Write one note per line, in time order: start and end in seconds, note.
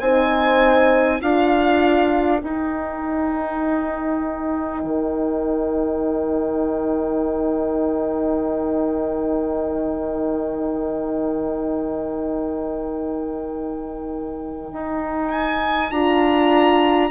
0.00 1.20 C4
0.00 1.20 D#4
0.00 1.21 C5
0.00 1.21 G#5
1.20 2.42 D4
1.20 2.40 F4
1.20 17.10 A#4
1.20 2.41 F5
2.41 15.91 D#4
2.41 4.83 D#4
2.41 15.31 G5
4.83 14.72 D#3
14.72 15.91 D#4
15.31 15.91 G#5
15.91 17.10 D4
15.91 17.10 F4
15.91 17.10 A#5